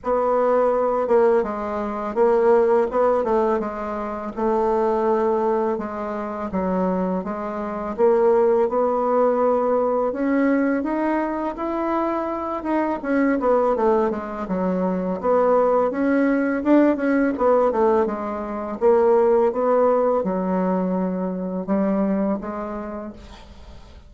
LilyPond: \new Staff \with { instrumentName = "bassoon" } { \time 4/4 \tempo 4 = 83 b4. ais8 gis4 ais4 | b8 a8 gis4 a2 | gis4 fis4 gis4 ais4 | b2 cis'4 dis'4 |
e'4. dis'8 cis'8 b8 a8 gis8 | fis4 b4 cis'4 d'8 cis'8 | b8 a8 gis4 ais4 b4 | fis2 g4 gis4 | }